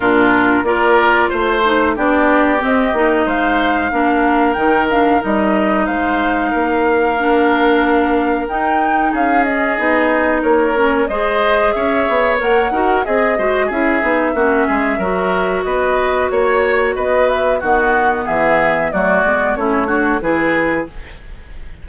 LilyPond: <<
  \new Staff \with { instrumentName = "flute" } { \time 4/4 \tempo 4 = 92 ais'4 d''4 c''4 d''4 | dis''4 f''2 g''8 f''8 | dis''4 f''2.~ | f''4 g''4 f''8 dis''4. |
cis''4 dis''4 e''4 fis''4 | dis''4 e''2. | dis''4 cis''4 dis''8 e''8 fis''4 | e''4 d''4 cis''4 b'4 | }
  \new Staff \with { instrumentName = "oboe" } { \time 4/4 f'4 ais'4 c''4 g'4~ | g'4 c''4 ais'2~ | ais'4 c''4 ais'2~ | ais'2 gis'2 |
ais'4 c''4 cis''4. ais'8 | gis'8 c''8 gis'4 fis'8 gis'8 ais'4 | b'4 cis''4 b'4 fis'4 | gis'4 fis'4 e'8 fis'8 gis'4 | }
  \new Staff \with { instrumentName = "clarinet" } { \time 4/4 d'4 f'4. dis'8 d'4 | c'8 dis'4. d'4 dis'8 d'8 | dis'2. d'4~ | d'4 dis'4. cis'8 dis'4~ |
dis'8 cis'8 gis'2 ais'8 fis'8 | gis'8 fis'8 e'8 dis'8 cis'4 fis'4~ | fis'2. b4~ | b4 a8 b8 cis'8 d'8 e'4 | }
  \new Staff \with { instrumentName = "bassoon" } { \time 4/4 ais,4 ais4 a4 b4 | c'8 ais8 gis4 ais4 dis4 | g4 gis4 ais2~ | ais4 dis'4 cis'4 b4 |
ais4 gis4 cis'8 b8 ais8 dis'8 | c'8 gis8 cis'8 b8 ais8 gis8 fis4 | b4 ais4 b4 dis4 | e4 fis8 gis8 a4 e4 | }
>>